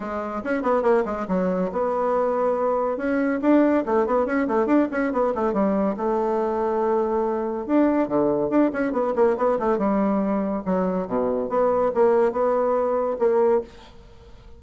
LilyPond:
\new Staff \with { instrumentName = "bassoon" } { \time 4/4 \tempo 4 = 141 gis4 cis'8 b8 ais8 gis8 fis4 | b2. cis'4 | d'4 a8 b8 cis'8 a8 d'8 cis'8 | b8 a8 g4 a2~ |
a2 d'4 d4 | d'8 cis'8 b8 ais8 b8 a8 g4~ | g4 fis4 b,4 b4 | ais4 b2 ais4 | }